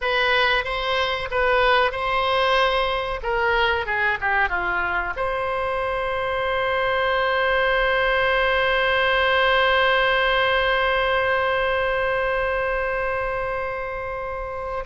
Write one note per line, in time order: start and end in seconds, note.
0.01 0.64 B4
0.64 1.28 C5
1.30 1.91 B4
1.91 3.20 C5
3.22 3.86 A#4
3.86 4.18 G#4
4.21 4.49 G4
4.49 5.13 F4
5.16 14.84 C5